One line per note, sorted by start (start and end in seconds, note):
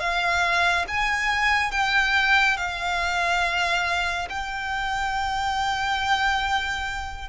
0.00 0.86 F5
0.88 1.72 G#5
1.72 2.57 G5
2.57 4.29 F5
4.30 7.29 G5